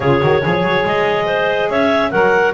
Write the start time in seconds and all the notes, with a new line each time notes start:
0.00 C#3 F4 G#4 C#5
0.20 D#3 F#4
0.41 F3 G#4 C#5
0.63 F#3
0.84 G#3 D#5
1.26 C5
1.69 C#4 C#5 E5
2.11 F#3 A#4 F#5